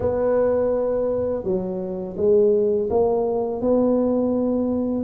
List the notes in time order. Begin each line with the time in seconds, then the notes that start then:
0.00 B3
1.43 F#3
2.17 G#3
2.89 A#3
3.61 B3